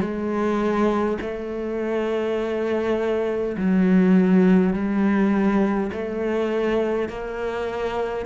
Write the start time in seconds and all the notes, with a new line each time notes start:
0.00 G#3
1.21 A3
3.57 F#3
4.73 G3
5.92 A3
7.09 A#3